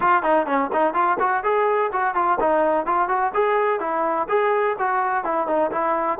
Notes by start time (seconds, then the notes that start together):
0.00 F4
0.22 D#4
0.46 C#4
0.72 D#4
0.94 F4
1.19 F#4
1.43 G#4
1.92 F#4
2.14 F4
2.39 D#4
2.86 F4
3.08 F#4
3.34 G#4
3.80 E4
4.29 G#4
4.78 F#4
5.24 E4
5.47 D#4
5.71 E4